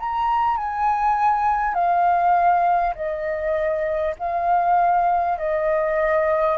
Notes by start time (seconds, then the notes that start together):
0.00 A#5
0.58 G#5
1.75 F5
2.95 D#5
4.19 F5
5.39 D#5